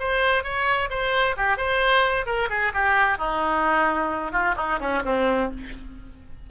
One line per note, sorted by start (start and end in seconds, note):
0.00 0.44 C5
0.44 0.90 C#5
0.90 1.36 C5
1.37 1.57 G4
1.57 2.26 C5
2.26 2.49 A#4
2.50 2.73 G#4
2.74 3.18 G4
3.18 4.32 D#4
4.32 4.55 F4
4.57 4.79 D#4
4.80 5.03 C#4
5.05 5.51 C4